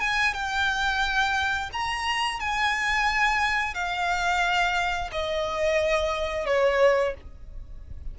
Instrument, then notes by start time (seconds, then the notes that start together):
violin
0.00 G#5
0.33 G5
1.72 A#5
2.40 G#5
3.74 F5
5.12 D#5
6.46 C#5